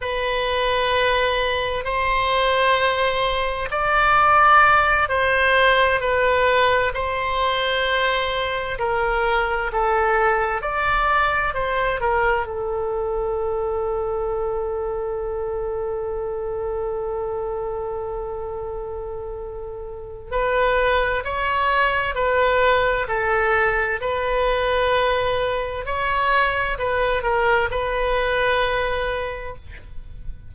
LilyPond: \new Staff \with { instrumentName = "oboe" } { \time 4/4 \tempo 4 = 65 b'2 c''2 | d''4. c''4 b'4 c''8~ | c''4. ais'4 a'4 d''8~ | d''8 c''8 ais'8 a'2~ a'8~ |
a'1~ | a'2 b'4 cis''4 | b'4 a'4 b'2 | cis''4 b'8 ais'8 b'2 | }